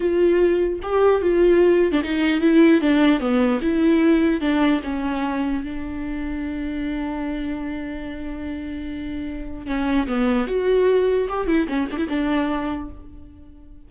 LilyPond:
\new Staff \with { instrumentName = "viola" } { \time 4/4 \tempo 4 = 149 f'2 g'4 f'4~ | f'8. d'16 dis'4 e'4 d'4 | b4 e'2 d'4 | cis'2 d'2~ |
d'1~ | d'1 | cis'4 b4 fis'2 | g'8 e'8 cis'8 d'16 e'16 d'2 | }